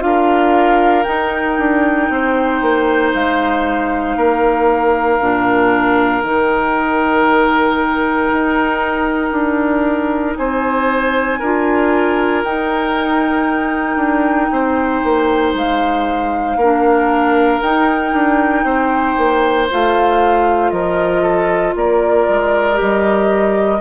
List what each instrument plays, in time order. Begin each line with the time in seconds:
0.00 bassoon D4, clarinet F4, oboe A#4, flute F5
1.04 clarinet D#4, bassoon D#4, flute G5
1.58 bassoon D4
2.10 bassoon C4, oboe C5
2.62 bassoon A#3
3.14 bassoon G#3, flute F5
4.16 bassoon A#3, oboe A#4
5.20 bassoon A#2, clarinet D4
6.22 bassoon D#3, clarinet D#4, flute G5
8.33 bassoon D#4
9.32 bassoon D4
10.36 bassoon C4, oboe C5, flute G#5
11.39 bassoon D4, clarinet F4, oboe A#4
12.44 bassoon D#4, clarinet D#4, flute G5
13.96 bassoon D4
14.51 bassoon C4, oboe C5
15.04 bassoon A#3
15.54 bassoon G#3, flute F5
16.56 bassoon A#3, clarinet D4, oboe A#4
17.61 bassoon D#4, clarinet D#4, flute G5
18.13 bassoon D4
18.64 bassoon C4, oboe C5
19.18 bassoon A#3
19.70 bassoon A3, clarinet F4, flute F5
20.70 bassoon F3, oboe A#4, flute D#5
21.22 oboe A4
21.75 bassoon A#3, oboe A#4, flute D5
22.28 bassoon G#3
22.74 clarinet G4, flute D#5
22.81 bassoon G3